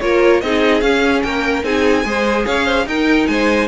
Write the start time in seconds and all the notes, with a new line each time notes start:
0.00 A#3 F4 A#4 C#5
0.41 C4 D#4 G#4 D#5
0.81 C#4 F5
1.23 A#3 A#4 G5
1.64 C4 D#4 G#4 G#5
2.04 G#3 G#4 C5
2.46 C#4 C#5 F5
2.65 C5
2.86 D#4 A#4 G5
3.27 G#3 C5 G#5